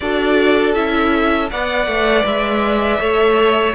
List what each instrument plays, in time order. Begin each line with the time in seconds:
0.00 cello D4, viola F#4, violin A4 D5
0.74 cello C#4, viola E4, violin E5
1.50 cello B3, viola B4, violin D5 F#5
1.86 cello A3
2.24 cello G#3, violin E5
2.99 cello A3, viola A4, violin C#5